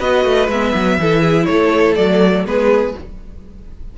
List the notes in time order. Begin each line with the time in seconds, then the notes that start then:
0.00 B3 F#4 B4 D#5
0.25 A3
0.48 G#3 B3 E5
0.74 F#3
0.98 E3 E4 A4
1.21 G#4
1.46 A3 A4 C#5
1.96 F#3 A3 D5
2.45 G#3 B3 G#4 B4